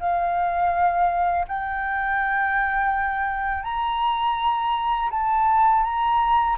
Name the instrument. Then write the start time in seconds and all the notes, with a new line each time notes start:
flute
0.00 F5
1.48 G5
3.64 A#5
5.11 A5
5.83 A#5